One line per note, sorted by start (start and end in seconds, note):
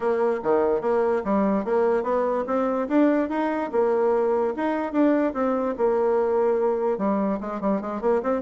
0.00 0.40 A#3
0.43 0.81 D#3
0.81 1.22 A#3
1.24 1.64 G3
1.64 2.03 A#3
2.03 2.44 B3
2.46 2.87 C4
2.88 3.29 D4
3.29 3.70 D#4
3.72 4.54 A#3
4.56 4.92 D#4
4.92 5.33 D4
5.33 5.74 C4
5.77 6.98 A#3
6.98 7.39 G3
7.40 7.60 G#3
7.60 7.81 G3
7.81 8.01 G#3
8.01 8.22 A#3
8.22 8.41 C4